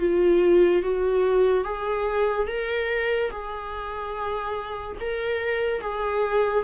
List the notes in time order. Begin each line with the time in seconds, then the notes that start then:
0.00 F4
0.83 F#4
1.65 G#4
2.48 A#4
3.31 G#4
5.01 A#4
5.82 G#4